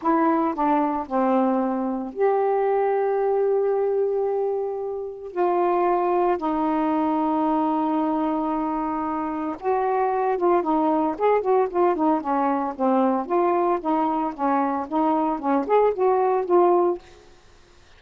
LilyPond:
\new Staff \with { instrumentName = "saxophone" } { \time 4/4 \tempo 4 = 113 e'4 d'4 c'2 | g'1~ | g'2 f'2 | dis'1~ |
dis'2 fis'4. f'8 | dis'4 gis'8 fis'8 f'8 dis'8 cis'4 | c'4 f'4 dis'4 cis'4 | dis'4 cis'8 gis'8 fis'4 f'4 | }